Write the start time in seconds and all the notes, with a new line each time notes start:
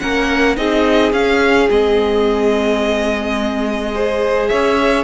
0.00 A#3 C#4 A#4 F#5
0.57 C4 D#4 G#4 D#5
1.12 C#4 F5
1.70 G#3 C4 D#5
3.94 G#4 C5
4.48 C#4 C#5 E5